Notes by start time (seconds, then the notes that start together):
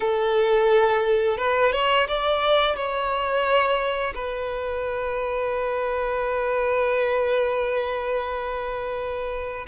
0.00 A4
1.37 B4
1.72 C#5
2.08 D5
2.76 C#5
4.14 B4